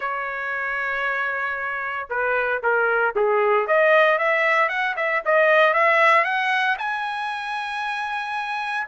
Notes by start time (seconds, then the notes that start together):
0.00 C#5
2.09 B4
2.62 A#4
3.15 G#4
3.67 D#5
4.18 E5
4.69 F#5
4.96 E5
5.25 D#5
5.73 E5
6.24 F#5
6.78 G#5